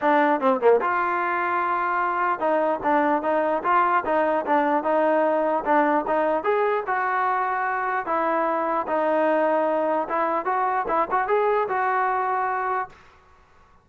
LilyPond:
\new Staff \with { instrumentName = "trombone" } { \time 4/4 \tempo 4 = 149 d'4 c'8 ais8 f'2~ | f'2 dis'4 d'4 | dis'4 f'4 dis'4 d'4 | dis'2 d'4 dis'4 |
gis'4 fis'2. | e'2 dis'2~ | dis'4 e'4 fis'4 e'8 fis'8 | gis'4 fis'2. | }